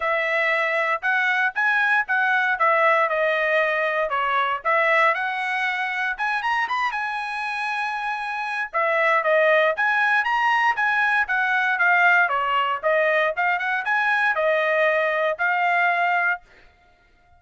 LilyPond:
\new Staff \with { instrumentName = "trumpet" } { \time 4/4 \tempo 4 = 117 e''2 fis''4 gis''4 | fis''4 e''4 dis''2 | cis''4 e''4 fis''2 | gis''8 ais''8 b''8 gis''2~ gis''8~ |
gis''4 e''4 dis''4 gis''4 | ais''4 gis''4 fis''4 f''4 | cis''4 dis''4 f''8 fis''8 gis''4 | dis''2 f''2 | }